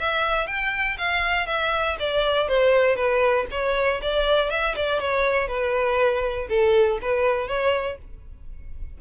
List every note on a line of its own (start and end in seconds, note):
0.00 0.47 E5
0.47 0.97 G5
0.98 1.47 F5
1.47 1.97 E5
2.00 2.49 D5
2.49 2.96 C5
2.96 3.46 B4
3.51 4.01 C#5
4.02 4.51 D5
4.51 4.76 E5
4.76 5.00 D5
5.00 5.48 C#5
5.48 6.48 B4
6.49 6.99 A4
7.02 7.48 B4
7.48 7.98 C#5